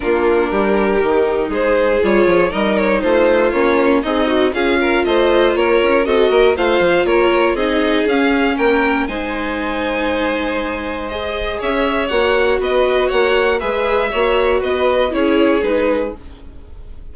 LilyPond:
<<
  \new Staff \with { instrumentName = "violin" } { \time 4/4 \tempo 4 = 119 ais'2. c''4 | cis''4 dis''8 cis''8 c''4 cis''4 | dis''4 f''4 dis''4 cis''4 | dis''4 f''4 cis''4 dis''4 |
f''4 g''4 gis''2~ | gis''2 dis''4 e''4 | fis''4 dis''4 fis''4 e''4~ | e''4 dis''4 cis''4 b'4 | }
  \new Staff \with { instrumentName = "violin" } { \time 4/4 f'4 g'2 gis'4~ | gis'4 ais'4 f'2 | dis'4 gis'8 ais'8 c''4 ais'4 | a'8 ais'8 c''4 ais'4 gis'4~ |
gis'4 ais'4 c''2~ | c''2. cis''4~ | cis''4 b'4 cis''4 b'4 | cis''4 b'4 gis'2 | }
  \new Staff \with { instrumentName = "viola" } { \time 4/4 d'2 dis'2 | f'4 dis'2 cis'4 | gis'8 fis'8 f'2. | fis'4 f'2 dis'4 |
cis'2 dis'2~ | dis'2 gis'2 | fis'2. gis'4 | fis'2 e'4 dis'4 | }
  \new Staff \with { instrumentName = "bassoon" } { \time 4/4 ais4 g4 dis4 gis4 | g8 f8 g4 a4 ais4 | c'4 cis'4 a4 ais8 cis'8 | c'8 ais8 a8 f8 ais4 c'4 |
cis'4 ais4 gis2~ | gis2. cis'4 | ais4 b4 ais4 gis4 | ais4 b4 cis'4 gis4 | }
>>